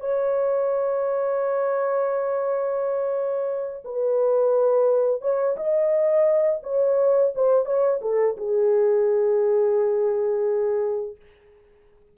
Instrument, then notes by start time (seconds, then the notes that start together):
horn
0.00 C#5
3.84 B4
5.21 C#5
5.57 D#5
6.63 C#5
7.35 C5
7.66 C#5
8.02 A4
8.37 G#4